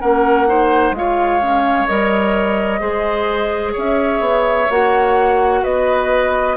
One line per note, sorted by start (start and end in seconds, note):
0.00 0.92 A#3
0.00 0.47 C#4
0.00 0.47 A#4
0.00 0.94 F#5
0.47 0.94 D#4
0.47 0.96 C5
0.92 1.85 G#3
0.92 1.42 F4
0.92 1.87 F5
0.98 2.81 C#5
1.42 1.88 C#4
1.87 2.81 G3
1.87 2.80 A#4
1.87 3.74 D#5
2.80 3.74 G#3
2.80 4.67 G#4
2.80 3.73 C5
3.73 4.21 C#4
3.73 5.60 C#5
3.79 4.71 E5
4.21 4.67 B3
4.70 5.64 A#3
4.70 6.57 F#4
4.70 5.64 F#5
5.63 6.57 B3
5.63 6.57 B4
5.63 6.57 D#5